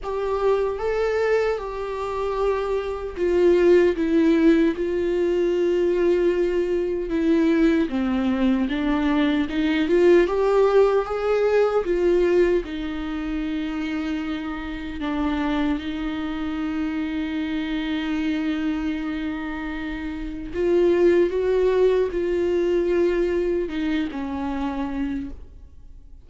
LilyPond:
\new Staff \with { instrumentName = "viola" } { \time 4/4 \tempo 4 = 76 g'4 a'4 g'2 | f'4 e'4 f'2~ | f'4 e'4 c'4 d'4 | dis'8 f'8 g'4 gis'4 f'4 |
dis'2. d'4 | dis'1~ | dis'2 f'4 fis'4 | f'2 dis'8 cis'4. | }